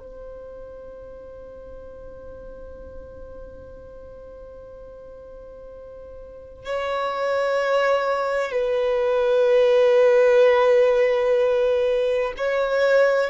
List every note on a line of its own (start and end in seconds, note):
0.00 6.66 C5
6.66 8.52 C#5
8.52 12.33 B4
12.38 13.30 C#5